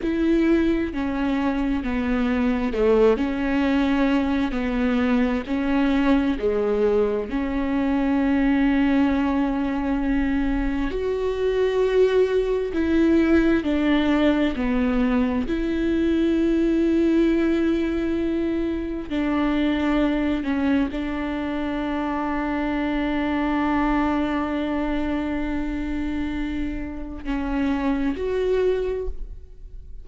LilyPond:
\new Staff \with { instrumentName = "viola" } { \time 4/4 \tempo 4 = 66 e'4 cis'4 b4 a8 cis'8~ | cis'4 b4 cis'4 gis4 | cis'1 | fis'2 e'4 d'4 |
b4 e'2.~ | e'4 d'4. cis'8 d'4~ | d'1~ | d'2 cis'4 fis'4 | }